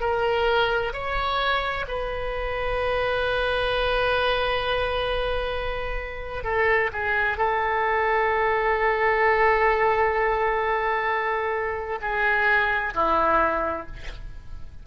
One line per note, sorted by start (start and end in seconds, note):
0.00 0.92 A#4
0.93 1.85 C#5
1.88 6.44 B4
6.44 6.90 A4
6.92 7.37 G#4
7.37 11.99 A4
12.01 12.94 G#4
12.94 13.86 E4